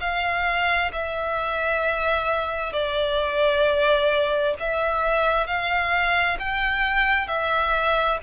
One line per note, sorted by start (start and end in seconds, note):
0.00 0.91 F5
0.92 2.72 E5
2.72 4.54 D5
4.59 5.46 E5
5.46 6.37 F5
6.39 7.27 G5
7.27 8.18 E5